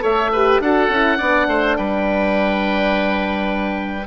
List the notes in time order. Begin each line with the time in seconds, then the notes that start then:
0.00 A3 A4 C#5 E5
0.32 G4 B4
0.60 D4 F#4 A4 F#5
0.89 C#4 E4
1.18 B3 D4 D5
1.47 A3 C5
1.76 G3 B4 G5